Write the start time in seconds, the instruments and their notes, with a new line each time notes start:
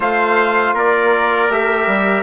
0.00 bassoon A3, trombone F4, trumpet C5 F5
0.73 bassoon A#3, trumpet A#4 D5
1.49 bassoon A3, trombone G4, trumpet E5
1.86 bassoon G3